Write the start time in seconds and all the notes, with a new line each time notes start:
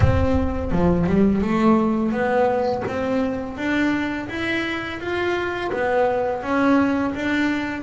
0.00 C4
0.71 F3
1.06 G3
1.41 A3
2.11 B3
2.87 C4
3.57 D4
4.29 E4
5.00 F4
5.72 B3
6.43 C#4
7.14 D4